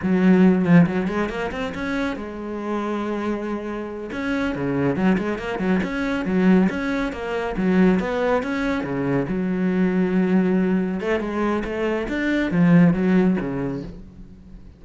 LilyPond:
\new Staff \with { instrumentName = "cello" } { \time 4/4 \tempo 4 = 139 fis4. f8 fis8 gis8 ais8 c'8 | cis'4 gis2.~ | gis4. cis'4 cis4 fis8 | gis8 ais8 fis8 cis'4 fis4 cis'8~ |
cis'8 ais4 fis4 b4 cis'8~ | cis'8 cis4 fis2~ fis8~ | fis4. a8 gis4 a4 | d'4 f4 fis4 cis4 | }